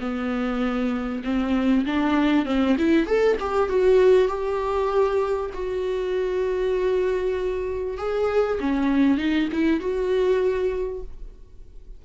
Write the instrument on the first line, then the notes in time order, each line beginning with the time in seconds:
viola
0.00 B3
1.24 C4
1.86 D4
2.45 C4
2.78 E4
3.06 A4
3.40 G4
3.69 F#4
4.28 G4
5.54 F#4
7.97 G#4
8.60 C#4
9.18 D#4
9.52 E4
9.80 F#4